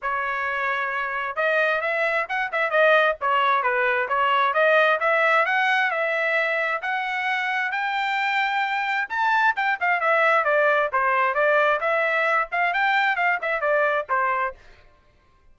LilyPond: \new Staff \with { instrumentName = "trumpet" } { \time 4/4 \tempo 4 = 132 cis''2. dis''4 | e''4 fis''8 e''8 dis''4 cis''4 | b'4 cis''4 dis''4 e''4 | fis''4 e''2 fis''4~ |
fis''4 g''2. | a''4 g''8 f''8 e''4 d''4 | c''4 d''4 e''4. f''8 | g''4 f''8 e''8 d''4 c''4 | }